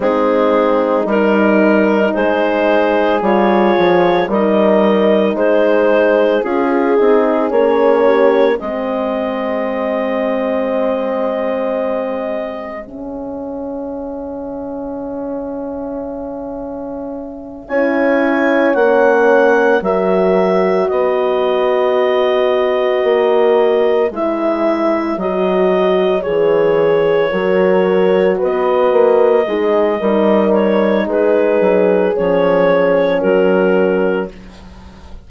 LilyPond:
<<
  \new Staff \with { instrumentName = "clarinet" } { \time 4/4 \tempo 4 = 56 gis'4 ais'4 c''4 cis''4 | dis''4 c''4 gis'4 cis''4 | dis''1 | e''1~ |
e''8 gis''4 fis''4 e''4 dis''8~ | dis''2~ dis''8 e''4 dis''8~ | dis''8 cis''2 dis''4.~ | dis''8 cis''8 b'4 cis''4 ais'4 | }
  \new Staff \with { instrumentName = "horn" } { \time 4/4 dis'2 gis'2 | ais'4 gis'2~ gis'8 g'8 | gis'1~ | gis'1~ |
gis'8 cis''2 ais'4 b'8~ | b'1~ | b'4. ais'4 b'4 dis'8 | ais'4 gis'2 fis'4 | }
  \new Staff \with { instrumentName = "horn" } { \time 4/4 c'4 dis'2 f'4 | dis'2 f'8 dis'8 cis'4 | c'1 | cis'1~ |
cis'8 e'4 cis'4 fis'4.~ | fis'2~ fis'8 e'4 fis'8~ | fis'8 gis'4 fis'2 gis'8 | dis'2 cis'2 | }
  \new Staff \with { instrumentName = "bassoon" } { \time 4/4 gis4 g4 gis4 g8 f8 | g4 gis4 cis'8 c'8 ais4 | gis1 | cis1~ |
cis8 cis'4 ais4 fis4 b8~ | b4. ais4 gis4 fis8~ | fis8 e4 fis4 b8 ais8 gis8 | g4 gis8 fis8 f4 fis4 | }
>>